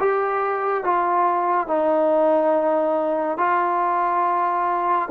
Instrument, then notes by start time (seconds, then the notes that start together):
trombone
0.00 G4
0.85 F4
1.68 D#4
3.38 F4